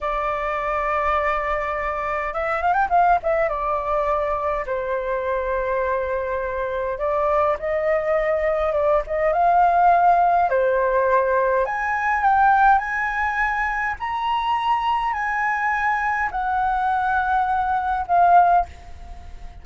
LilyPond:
\new Staff \with { instrumentName = "flute" } { \time 4/4 \tempo 4 = 103 d''1 | e''8 f''16 g''16 f''8 e''8 d''2 | c''1 | d''4 dis''2 d''8 dis''8 |
f''2 c''2 | gis''4 g''4 gis''2 | ais''2 gis''2 | fis''2. f''4 | }